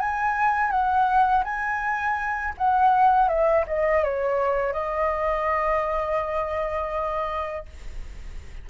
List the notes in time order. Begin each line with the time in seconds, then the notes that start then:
0.00 G#5
0.71 F#5
1.44 G#5
2.57 F#5
3.28 E5
3.67 D#5
4.03 C#5
4.73 D#5